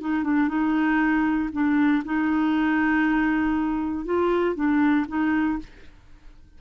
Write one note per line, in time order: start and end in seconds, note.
0.00 0.23 D#4
0.23 0.47 D4
0.47 1.49 D#4
1.52 2.03 D4
2.04 4.05 D#4
4.05 4.55 F4
4.55 5.05 D4
5.08 5.58 D#4